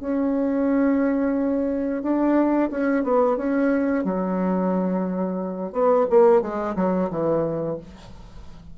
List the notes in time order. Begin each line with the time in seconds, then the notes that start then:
0.00 C#4
2.02 D4
2.71 C#4
3.04 B3
3.37 C#4
4.04 F#3
5.72 B3
6.10 A#3
6.41 G#3
6.75 F#3
7.10 E3